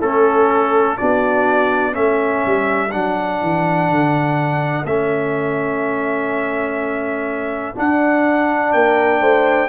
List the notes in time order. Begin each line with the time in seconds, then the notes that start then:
0.00 A3 C#4 A4
0.97 B3 D4 F#4 D5
1.92 A3 C#4 A4 E5
2.46 G3
2.91 F#3 D4 F#5
3.42 E3
3.90 D3
4.84 A3 C#4 E5
7.75 D4 F#5
8.73 A#3 A#4 G5
9.21 A3 C5